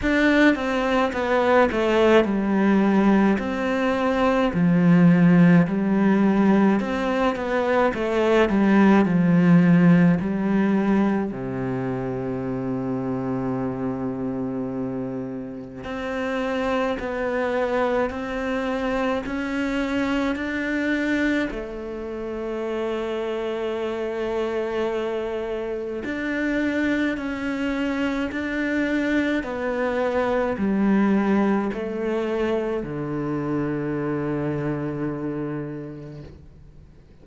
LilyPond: \new Staff \with { instrumentName = "cello" } { \time 4/4 \tempo 4 = 53 d'8 c'8 b8 a8 g4 c'4 | f4 g4 c'8 b8 a8 g8 | f4 g4 c2~ | c2 c'4 b4 |
c'4 cis'4 d'4 a4~ | a2. d'4 | cis'4 d'4 b4 g4 | a4 d2. | }